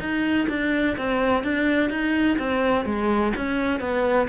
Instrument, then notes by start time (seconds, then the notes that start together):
cello
0.00 D#4
0.49 D4
0.98 C4
1.44 D4
1.90 D#4
2.39 C4
2.85 G#3
3.37 C#4
3.80 B3